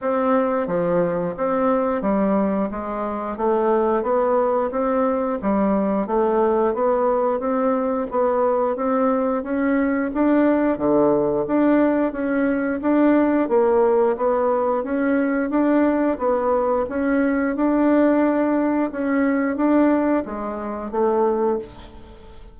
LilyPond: \new Staff \with { instrumentName = "bassoon" } { \time 4/4 \tempo 4 = 89 c'4 f4 c'4 g4 | gis4 a4 b4 c'4 | g4 a4 b4 c'4 | b4 c'4 cis'4 d'4 |
d4 d'4 cis'4 d'4 | ais4 b4 cis'4 d'4 | b4 cis'4 d'2 | cis'4 d'4 gis4 a4 | }